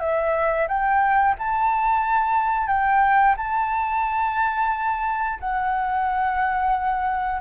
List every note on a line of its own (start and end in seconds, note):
0.00 0.67 E5
0.68 1.35 G5
1.39 2.68 A5
2.68 3.35 G5
3.37 5.39 A5
5.40 7.41 F#5